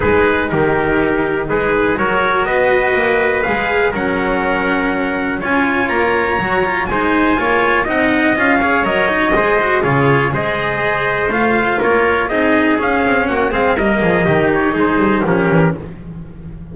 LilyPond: <<
  \new Staff \with { instrumentName = "trumpet" } { \time 4/4 \tempo 4 = 122 b'4 ais'2 b'4 | cis''4 dis''2 f''4 | fis''2. gis''4 | ais''2 gis''2 |
fis''4 f''4 dis''2 | cis''4 dis''2 f''4 | cis''4 dis''4 f''4 fis''8 f''8 | dis''4. cis''8 c''4 ais'4 | }
  \new Staff \with { instrumentName = "trumpet" } { \time 4/4 gis'4 g'2 gis'4 | ais'4 b'2. | ais'2. cis''4~ | cis''2 c''4 cis''4 |
dis''4. cis''4. c''4 | gis'4 c''2. | ais'4 gis'2 fis'8 gis'8 | ais'8 gis'8 g'4 gis'4 g'4 | }
  \new Staff \with { instrumentName = "cello" } { \time 4/4 dis'1 | fis'2. gis'4 | cis'2. f'4~ | f'4 fis'8 f'8 dis'4 f'4 |
dis'4 f'8 gis'8 ais'8 dis'8 gis'8 fis'8 | f'4 gis'2 f'4~ | f'4 dis'4 cis'4. c'8 | ais4 dis'2 cis'4 | }
  \new Staff \with { instrumentName = "double bass" } { \time 4/4 gis4 dis2 gis4 | fis4 b4 ais4 gis4 | fis2. cis'4 | ais4 fis4 gis4 ais4 |
c'4 cis'4 fis4 gis4 | cis4 gis2 a4 | ais4 c'4 cis'8 c'8 ais8 gis8 | g8 f8 dis4 gis8 g8 f8 e8 | }
>>